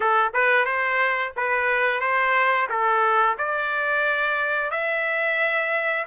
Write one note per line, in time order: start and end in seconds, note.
0.00 0.32 A4
0.33 0.65 B4
0.65 1.32 C5
1.36 2.00 B4
2.00 2.67 C5
2.69 3.36 A4
3.38 4.70 D5
4.70 6.05 E5